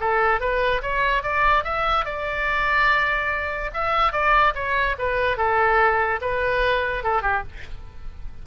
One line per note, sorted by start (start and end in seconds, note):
0.00 0.40 A4
0.40 0.82 B4
0.82 1.23 C#5
1.23 1.64 D5
1.64 2.05 E5
2.06 3.71 D5
3.74 4.12 E5
4.12 4.54 D5
4.55 4.96 C#5
4.98 5.37 B4
5.37 6.20 A4
6.21 7.04 B4
7.04 7.22 A4
7.22 7.43 G4